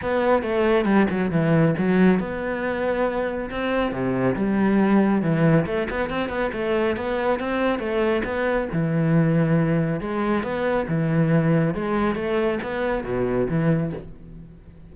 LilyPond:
\new Staff \with { instrumentName = "cello" } { \time 4/4 \tempo 4 = 138 b4 a4 g8 fis8 e4 | fis4 b2. | c'4 c4 g2 | e4 a8 b8 c'8 b8 a4 |
b4 c'4 a4 b4 | e2. gis4 | b4 e2 gis4 | a4 b4 b,4 e4 | }